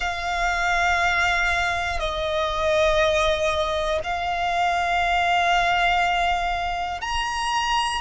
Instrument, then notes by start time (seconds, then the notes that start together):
violin
0.00 F5
2.00 D#5
4.03 F5
7.00 A#5